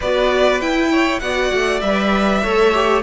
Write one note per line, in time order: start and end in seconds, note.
0.00 0.60 B3
0.00 0.61 F#4
0.00 0.90 B4
0.00 0.60 D5
0.60 1.20 E4
0.60 1.21 E4
0.60 1.19 G5
0.91 1.21 C#5
1.19 1.51 B3
1.19 1.81 F#4
1.19 2.42 D5
1.19 1.80 F#5
1.53 1.82 A3
1.80 2.42 G3
1.80 2.42 B4
1.80 3.01 E5
2.42 3.03 A3
2.42 2.73 A4
2.42 3.03 C#5
2.73 3.03 G4